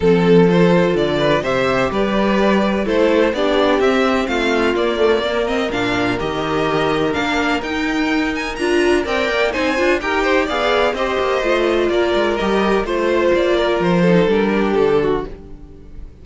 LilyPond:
<<
  \new Staff \with { instrumentName = "violin" } { \time 4/4 \tempo 4 = 126 a'4 c''4 d''4 e''4 | d''2 c''4 d''4 | e''4 f''4 d''4. dis''8 | f''4 dis''2 f''4 |
g''4. gis''8 ais''4 g''4 | gis''4 g''4 f''4 dis''4~ | dis''4 d''4 dis''4 c''4 | d''4 c''4 ais'4 a'4 | }
  \new Staff \with { instrumentName = "violin" } { \time 4/4 a'2~ a'8 b'8 c''4 | b'2 a'4 g'4~ | g'4 f'2 ais'4~ | ais'1~ |
ais'2. d''4 | c''4 ais'8 c''8 d''4 c''4~ | c''4 ais'2 c''4~ | c''8 ais'4 a'4 g'4 fis'8 | }
  \new Staff \with { instrumentName = "viola" } { \time 4/4 c'4 f'2 g'4~ | g'2 e'4 d'4 | c'2 ais8 a8 ais8 c'8 | d'4 g'2 d'4 |
dis'2 f'4 ais'4 | dis'8 f'8 g'4 gis'4 g'4 | f'2 g'4 f'4~ | f'4. dis'8 d'2 | }
  \new Staff \with { instrumentName = "cello" } { \time 4/4 f2 d4 c4 | g2 a4 b4 | c'4 a4 ais2 | ais,4 dis2 ais4 |
dis'2 d'4 c'8 ais8 | c'8 d'8 dis'4 b4 c'8 ais8 | a4 ais8 gis8 g4 a4 | ais4 f4 g4 d4 | }
>>